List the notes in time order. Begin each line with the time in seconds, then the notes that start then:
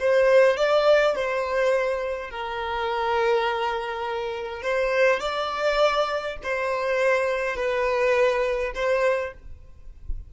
0.00 C5
0.57 D5
1.15 C5
2.31 A#4
4.63 C5
5.20 D5
6.43 C5
7.56 B4
8.75 C5